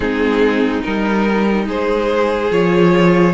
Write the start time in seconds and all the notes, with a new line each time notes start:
0.00 G#3 C4 D#4 G#4
0.82 G3 D#4 A#4
1.67 G#3 G#4 C5
2.50 F3 F4 C#5